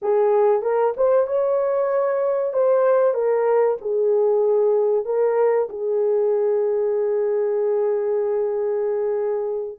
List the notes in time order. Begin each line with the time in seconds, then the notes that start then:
0.02 G#4
0.61 A#4
0.96 C5
1.26 C#5
2.53 C5
3.14 A#4
3.81 G#4
5.05 A#4
5.69 G#4